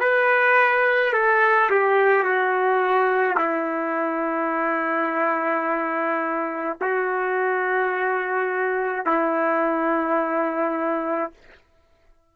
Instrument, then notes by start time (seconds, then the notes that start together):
trumpet
0.00 B4
1.13 A4
1.70 G4
2.23 F#4
3.37 E4
6.81 F#4
9.06 E4